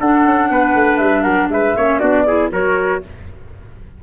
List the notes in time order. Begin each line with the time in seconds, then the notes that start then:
0.00 D4 A4 F#5
0.25 C#4
0.50 B3 B4
0.75 A3
0.98 G3 E5
1.23 F#3 A#4 F#5
1.49 G#3 B4 E5
1.77 A#3 C#4 C#5
1.99 B3 D4 F#4 D5
2.27 E4 G#4
2.51 F#3 F#4 A#4 C#5